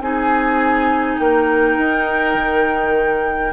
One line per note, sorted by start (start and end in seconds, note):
0.00 1.18 C4
0.00 3.52 D#4
0.00 1.20 G#4
0.00 1.19 G#5
1.19 1.77 A#3
1.19 3.52 A#4
1.19 3.52 G5
1.77 2.34 D#4
2.34 3.52 D#3